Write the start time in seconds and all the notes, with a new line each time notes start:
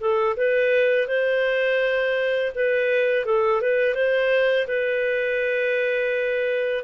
0.00 A4
0.36 B4
1.07 C5
2.55 B4
3.25 A4
3.61 B4
3.94 C5
4.67 B4